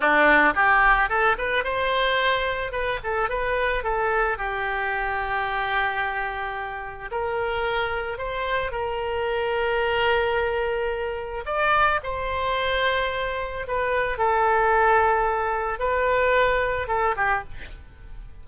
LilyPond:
\new Staff \with { instrumentName = "oboe" } { \time 4/4 \tempo 4 = 110 d'4 g'4 a'8 b'8 c''4~ | c''4 b'8 a'8 b'4 a'4 | g'1~ | g'4 ais'2 c''4 |
ais'1~ | ais'4 d''4 c''2~ | c''4 b'4 a'2~ | a'4 b'2 a'8 g'8 | }